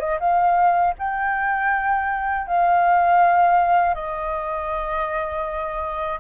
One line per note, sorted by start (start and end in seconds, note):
0.00 0.19 D#5
0.20 0.95 F5
0.99 2.47 G5
2.47 3.94 F5
3.94 6.19 D#5